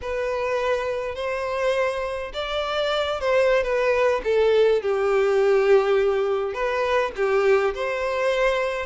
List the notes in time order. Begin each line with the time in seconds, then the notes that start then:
0.01 B4
1.15 C5
2.33 D5
3.20 C5
3.63 B4
4.23 A4
4.82 G4
6.53 B4
7.15 G4
7.74 C5